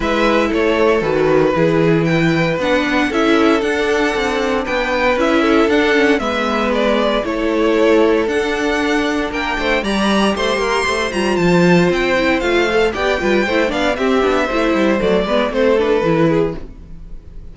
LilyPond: <<
  \new Staff \with { instrumentName = "violin" } { \time 4/4 \tempo 4 = 116 e''4 cis''4 b'2 | g''4 fis''4 e''4 fis''4~ | fis''4 g''4 e''4 fis''4 | e''4 d''4 cis''2 |
fis''2 g''4 ais''4 | c'''4. ais''8 a''4 g''4 | f''4 g''4. f''8 e''4~ | e''4 d''4 c''8 b'4. | }
  \new Staff \with { instrumentName = "violin" } { \time 4/4 b'4 a'2 gis'4 | b'2 a'2~ | a'4 b'4. a'4. | b'2 a'2~ |
a'2 ais'8 c''8 d''4 | c''8 ais'8 c''2.~ | c''4 d''8 b'8 c''8 d''8 g'4 | c''4. b'8 a'4. gis'8 | }
  \new Staff \with { instrumentName = "viola" } { \time 4/4 e'2 fis'4 e'4~ | e'4 d'4 e'4 d'4~ | d'2 e'4 d'8 cis'8 | b2 e'2 |
d'2. g'4~ | g'4. f'2 e'8 | f'8 a'8 g'8 f'8 e'8 d'8 c'8 d'8 | e'4 a8 b8 c'8 d'8 e'4 | }
  \new Staff \with { instrumentName = "cello" } { \time 4/4 gis4 a4 dis4 e4~ | e4 b4 cis'4 d'4 | c'4 b4 cis'4 d'4 | gis2 a2 |
d'2 ais8 a8 g4 | a8 ais8 a8 g8 f4 c'4 | a4 b8 g8 a8 b8 c'8 b8 | a8 g8 fis8 gis8 a4 e4 | }
>>